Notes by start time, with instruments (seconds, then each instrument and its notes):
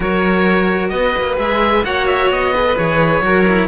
0.00 cello F#3 F#4, violin A#4, oboe C#5
0.88 cello B3, violin B4, oboe D#5
1.17 cello A#3
1.37 cello G#3 G#4, oboe E5
1.84 cello A#3 F#4, violin C#5, oboe F#5
2.06 oboe E5
2.29 cello B3, oboe D#5
2.54 cello G#4, violin B4
2.64 cello A4
2.76 cello E3 G#4, oboe C#5
3.20 cello F#3 F#4, violin A#4
3.47 cello E4